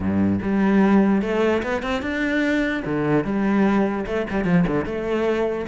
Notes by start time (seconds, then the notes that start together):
0.00 G2
0.41 G3
1.22 A3
1.62 B3
1.82 C4
2.02 D4
2.85 D3
3.24 G3
4.06 A3
4.30 G3
4.44 F3
4.67 D3
4.85 A3